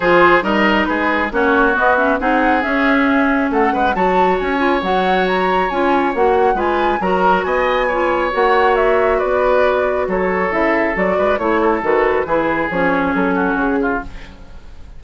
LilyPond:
<<
  \new Staff \with { instrumentName = "flute" } { \time 4/4 \tempo 4 = 137 c''4 dis''4 b'4 cis''4 | dis''8 e''8 fis''4 e''2 | fis''4 a''4 gis''4 fis''4 | ais''4 gis''4 fis''4 gis''4 |
ais''4 gis''2 fis''4 | e''4 d''2 cis''4 | e''4 d''4 cis''4 b'4~ | b'4 cis''4 a'4 gis'4 | }
  \new Staff \with { instrumentName = "oboe" } { \time 4/4 gis'4 ais'4 gis'4 fis'4~ | fis'4 gis'2. | a'8 b'8 cis''2.~ | cis''2. b'4 |
ais'4 dis''4 cis''2~ | cis''4 b'2 a'4~ | a'4. b'8 cis''8 a'4. | gis'2~ gis'8 fis'4 f'8 | }
  \new Staff \with { instrumentName = "clarinet" } { \time 4/4 f'4 dis'2 cis'4 | b8 cis'8 dis'4 cis'2~ | cis'4 fis'4. f'8 fis'4~ | fis'4 f'4 fis'4 f'4 |
fis'2 f'4 fis'4~ | fis'1 | e'4 fis'4 e'4 fis'4 | e'4 cis'2. | }
  \new Staff \with { instrumentName = "bassoon" } { \time 4/4 f4 g4 gis4 ais4 | b4 c'4 cis'2 | a8 gis8 fis4 cis'4 fis4~ | fis4 cis'4 ais4 gis4 |
fis4 b2 ais4~ | ais4 b2 fis4 | cis4 fis8 gis8 a4 dis4 | e4 f4 fis4 cis4 | }
>>